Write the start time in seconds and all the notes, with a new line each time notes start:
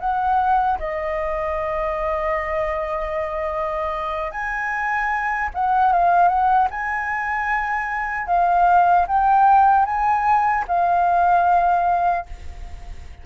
0.00 F#5
0.79 D#5
4.32 G#5
5.55 F#5
5.93 F5
6.28 F#5
6.71 G#5
8.28 F5
9.08 G5
9.86 G#5
10.68 F5